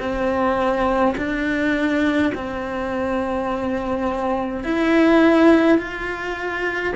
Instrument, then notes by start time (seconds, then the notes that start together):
cello
0.00 C4
1.17 D4
2.35 C4
4.64 E4
5.78 F4